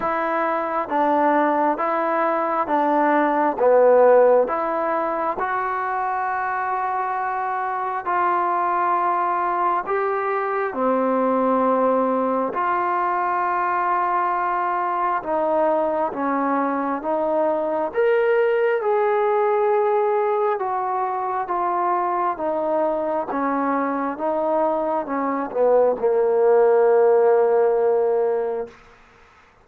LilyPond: \new Staff \with { instrumentName = "trombone" } { \time 4/4 \tempo 4 = 67 e'4 d'4 e'4 d'4 | b4 e'4 fis'2~ | fis'4 f'2 g'4 | c'2 f'2~ |
f'4 dis'4 cis'4 dis'4 | ais'4 gis'2 fis'4 | f'4 dis'4 cis'4 dis'4 | cis'8 b8 ais2. | }